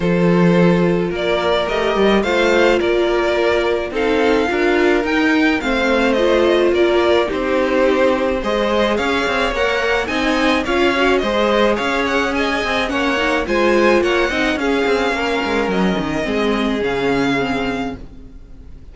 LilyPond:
<<
  \new Staff \with { instrumentName = "violin" } { \time 4/4 \tempo 4 = 107 c''2 d''4 dis''4 | f''4 d''2 f''4~ | f''4 g''4 f''4 dis''4 | d''4 c''2 dis''4 |
f''4 fis''4 gis''4 f''4 | dis''4 f''8 fis''8 gis''4 fis''4 | gis''4 fis''4 f''2 | dis''2 f''2 | }
  \new Staff \with { instrumentName = "violin" } { \time 4/4 a'2 ais'2 | c''4 ais'2 a'4 | ais'2 c''2 | ais'4 g'2 c''4 |
cis''2 dis''4 cis''4 | c''4 cis''4 dis''4 cis''4 | c''4 cis''8 dis''8 gis'4 ais'4~ | ais'4 gis'2. | }
  \new Staff \with { instrumentName = "viola" } { \time 4/4 f'2. g'4 | f'2. dis'4 | f'4 dis'4 c'4 f'4~ | f'4 dis'2 gis'4~ |
gis'4 ais'4 dis'4 f'8 fis'8 | gis'2. cis'8 dis'8 | f'4. dis'8 cis'2~ | cis'4 c'4 cis'4 c'4 | }
  \new Staff \with { instrumentName = "cello" } { \time 4/4 f2 ais4 a8 g8 | a4 ais2 c'4 | d'4 dis'4 a2 | ais4 c'2 gis4 |
cis'8 c'8 ais4 c'4 cis'4 | gis4 cis'4. c'8 ais4 | gis4 ais8 c'8 cis'8 c'8 ais8 gis8 | fis8 dis8 gis4 cis2 | }
>>